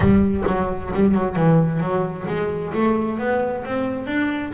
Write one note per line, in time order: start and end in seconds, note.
0.00 0.44 G3
0.46 0.92 F#3
0.93 1.14 G3
1.14 1.35 F#3
1.35 1.80 E3
1.80 2.26 F#3
2.27 2.72 G#3
2.74 3.18 A3
3.18 3.64 B3
3.64 4.06 C4
4.06 4.51 D4